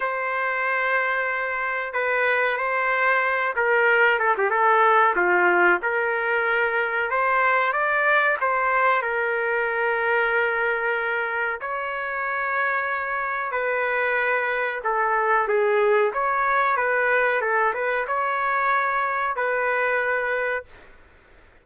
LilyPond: \new Staff \with { instrumentName = "trumpet" } { \time 4/4 \tempo 4 = 93 c''2. b'4 | c''4. ais'4 a'16 g'16 a'4 | f'4 ais'2 c''4 | d''4 c''4 ais'2~ |
ais'2 cis''2~ | cis''4 b'2 a'4 | gis'4 cis''4 b'4 a'8 b'8 | cis''2 b'2 | }